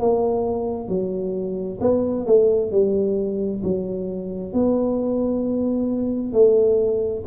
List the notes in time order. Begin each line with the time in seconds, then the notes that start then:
0.00 A#3
0.88 F#3
1.81 B3
2.26 A3
2.71 G3
3.63 F#3
4.53 B3
6.33 A3